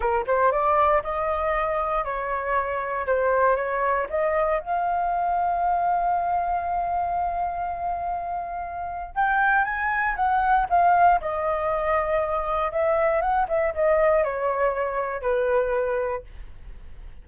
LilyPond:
\new Staff \with { instrumentName = "flute" } { \time 4/4 \tempo 4 = 118 ais'8 c''8 d''4 dis''2 | cis''2 c''4 cis''4 | dis''4 f''2.~ | f''1~ |
f''2 g''4 gis''4 | fis''4 f''4 dis''2~ | dis''4 e''4 fis''8 e''8 dis''4 | cis''2 b'2 | }